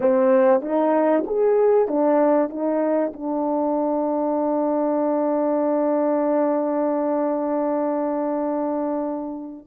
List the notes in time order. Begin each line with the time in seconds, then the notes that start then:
0.00 C4
0.61 D#4
1.26 G#4
1.88 D4
2.49 D#4
3.13 D4